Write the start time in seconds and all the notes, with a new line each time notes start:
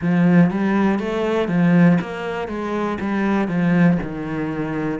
0.01 F3
0.50 G3
0.99 A3
1.48 F3
2.00 A#3
2.48 G#3
3.00 G3
3.47 F3
4.02 D#3